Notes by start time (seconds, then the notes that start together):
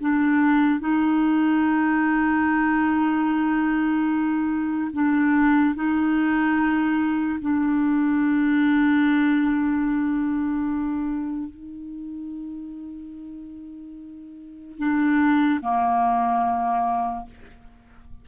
0.00 D4
0.80 D#4
4.93 D4
5.75 D#4
7.41 D4
11.50 D#4
14.78 D4
15.61 A#3